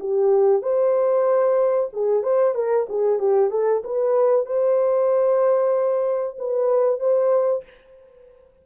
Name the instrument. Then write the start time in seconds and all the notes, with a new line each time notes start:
horn
0.00 G4
0.62 C5
1.93 G#4
2.23 C5
2.55 A#4
2.89 G#4
3.19 G4
3.51 A4
3.84 B4
4.46 C5
6.38 B4
7.00 C5